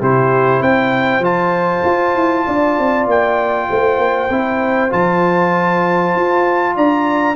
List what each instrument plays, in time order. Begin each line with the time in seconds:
0.00 tuba C3, trombone E4, horn G4, trumpet C5
0.60 tuba C4, horn C5, trumpet G5
1.19 tuba F3, trombone F4, trumpet A5
1.85 tuba F4
2.15 tuba E4
2.46 tuba D4, horn D5
2.79 tuba C4
3.06 tuba A#3, trumpet G5
3.70 tuba A3, horn C5
3.98 tuba A#3
4.29 tuba C4, trombone E4
4.90 tuba F3, trombone F4, trumpet A5
6.15 tuba F4
6.75 tuba D4, horn D5, trumpet A#5